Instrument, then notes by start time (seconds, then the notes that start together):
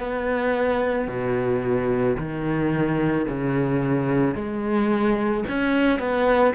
cello
0.00 B3
1.08 B2
2.17 D#3
3.28 C#3
4.35 G#3
5.48 C#4
5.99 B3